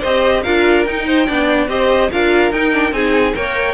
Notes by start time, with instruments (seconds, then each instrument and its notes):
0.00 cello C4, viola G4, violin C5 D#5
0.43 cello D4, viola F4, violin A#4 F5
0.85 cello D#4, viola D#4, violin G5
1.07 violin C5
1.28 cello B3, viola D4, violin D5
1.68 cello C4, viola G4, violin C5 D#5
2.12 cello D4, viola F4, violin A#4 F5
2.52 cello D#4, viola D#4, violin G5
2.73 viola D4
2.92 cello C4, viola D#4, violin G#4 G#5
3.34 cello A#3, viola A#4, violin C#5 G5